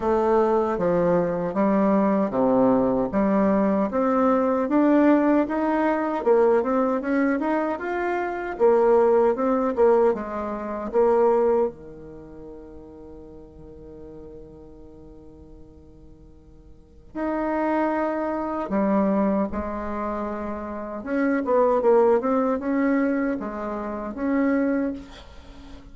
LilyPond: \new Staff \with { instrumentName = "bassoon" } { \time 4/4 \tempo 4 = 77 a4 f4 g4 c4 | g4 c'4 d'4 dis'4 | ais8 c'8 cis'8 dis'8 f'4 ais4 | c'8 ais8 gis4 ais4 dis4~ |
dis1~ | dis2 dis'2 | g4 gis2 cis'8 b8 | ais8 c'8 cis'4 gis4 cis'4 | }